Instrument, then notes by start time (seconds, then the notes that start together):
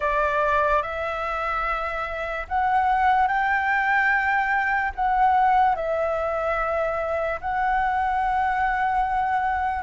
flute
0.00 D5
0.82 E5
2.48 F#5
3.27 G5
4.95 F#5
5.75 E5
7.40 F#5